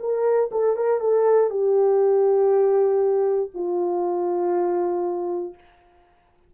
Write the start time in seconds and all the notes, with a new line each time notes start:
0.00 A#4
0.52 A4
0.77 A#4
1.00 A4
1.51 G4
3.55 F4